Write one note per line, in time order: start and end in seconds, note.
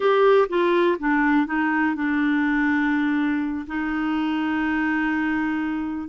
0.00 0.48 G4
0.49 0.97 F4
0.99 1.46 D4
1.46 1.95 D#4
1.95 3.65 D4
3.67 6.08 D#4